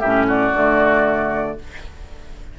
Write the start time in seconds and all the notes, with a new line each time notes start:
0.00 A2 C#4 G4 E5
0.28 F#4 D5
0.54 D3 A3